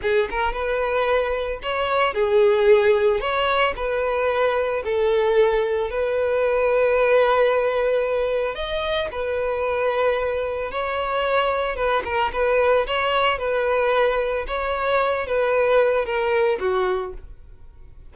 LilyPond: \new Staff \with { instrumentName = "violin" } { \time 4/4 \tempo 4 = 112 gis'8 ais'8 b'2 cis''4 | gis'2 cis''4 b'4~ | b'4 a'2 b'4~ | b'1 |
dis''4 b'2. | cis''2 b'8 ais'8 b'4 | cis''4 b'2 cis''4~ | cis''8 b'4. ais'4 fis'4 | }